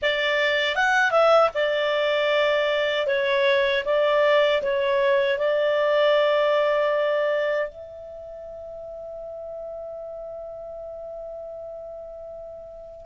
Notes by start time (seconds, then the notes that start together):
0.02 D5
0.75 F#5
1.11 E5
1.54 D5
3.07 C#5
3.85 D5
4.62 C#5
5.38 D5
7.69 E5